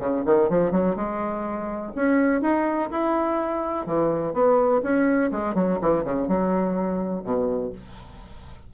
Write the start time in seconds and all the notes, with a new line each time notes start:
0.00 C#3
0.26 D#3
0.50 F3
0.72 F#3
0.96 G#3
1.96 C#4
2.42 D#4
2.91 E4
3.86 E3
4.34 B3
4.83 C#4
5.32 G#3
5.55 F#3
5.82 E3
6.04 C#3
6.28 F#3
7.24 B2